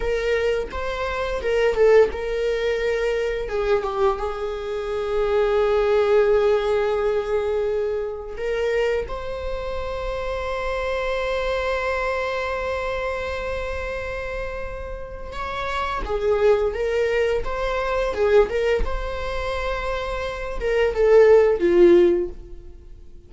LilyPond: \new Staff \with { instrumentName = "viola" } { \time 4/4 \tempo 4 = 86 ais'4 c''4 ais'8 a'8 ais'4~ | ais'4 gis'8 g'8 gis'2~ | gis'1 | ais'4 c''2.~ |
c''1~ | c''2 cis''4 gis'4 | ais'4 c''4 gis'8 ais'8 c''4~ | c''4. ais'8 a'4 f'4 | }